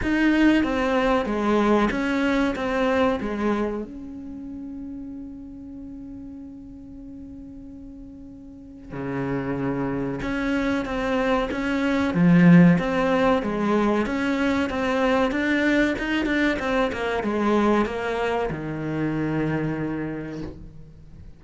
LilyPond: \new Staff \with { instrumentName = "cello" } { \time 4/4 \tempo 4 = 94 dis'4 c'4 gis4 cis'4 | c'4 gis4 cis'2~ | cis'1~ | cis'2 cis2 |
cis'4 c'4 cis'4 f4 | c'4 gis4 cis'4 c'4 | d'4 dis'8 d'8 c'8 ais8 gis4 | ais4 dis2. | }